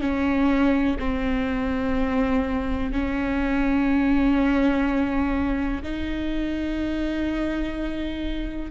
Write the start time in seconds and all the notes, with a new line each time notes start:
0.00 C#4
0.99 C4
2.92 C#4
5.83 D#4